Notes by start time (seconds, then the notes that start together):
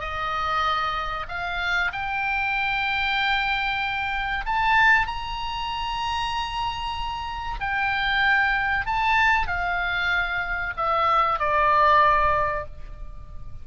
0.00 D#5
1.28 F5
1.92 G5
4.46 A5
5.07 A#5
7.60 G5
8.86 A5
9.47 F5
10.77 E5
11.39 D5